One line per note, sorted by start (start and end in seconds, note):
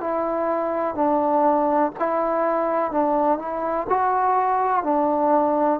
0.00 0.95 E4
0.95 1.91 D4
1.99 2.91 E4
2.91 3.39 D4
3.39 3.87 E4
3.89 4.83 F#4
4.83 5.80 D4